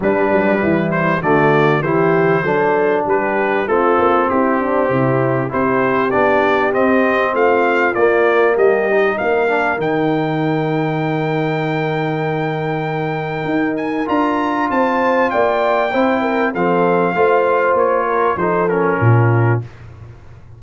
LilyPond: <<
  \new Staff \with { instrumentName = "trumpet" } { \time 4/4 \tempo 4 = 98 b'4. c''8 d''4 c''4~ | c''4 b'4 a'4 g'4~ | g'4 c''4 d''4 dis''4 | f''4 d''4 dis''4 f''4 |
g''1~ | g''2~ g''8 gis''8 ais''4 | a''4 g''2 f''4~ | f''4 cis''4 c''8 ais'4. | }
  \new Staff \with { instrumentName = "horn" } { \time 4/4 d'4 e'4 fis'4 g'4 | a'4 g'4 f'4 e'8 d'8 | e'4 g'2. | f'2 g'4 ais'4~ |
ais'1~ | ais'1 | c''4 d''4 c''8 ais'8 a'4 | c''4. ais'8 a'4 f'4 | }
  \new Staff \with { instrumentName = "trombone" } { \time 4/4 g2 a4 e'4 | d'2 c'2~ | c'4 e'4 d'4 c'4~ | c'4 ais4. dis'4 d'8 |
dis'1~ | dis'2. f'4~ | f'2 e'4 c'4 | f'2 dis'8 cis'4. | }
  \new Staff \with { instrumentName = "tuba" } { \time 4/4 g8 fis8 e4 d4 e4 | fis4 g4 a8 ais8 c'4 | c4 c'4 b4 c'4 | a4 ais4 g4 ais4 |
dis1~ | dis2 dis'4 d'4 | c'4 ais4 c'4 f4 | a4 ais4 f4 ais,4 | }
>>